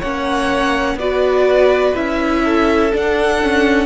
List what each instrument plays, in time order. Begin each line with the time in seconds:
0.00 cello A#3, viola C#4, violin C#5 F#5
0.95 cello B3, viola F#4, violin B4 D5
1.96 cello C#4, viola E4, violin E5
2.44 violin A4
2.93 viola D4, cello D4, violin F#5
3.43 viola C#4